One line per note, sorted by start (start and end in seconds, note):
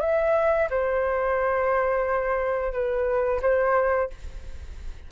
0.00 0.68 E5
0.70 2.72 C5
2.72 3.41 B4
3.42 4.10 C5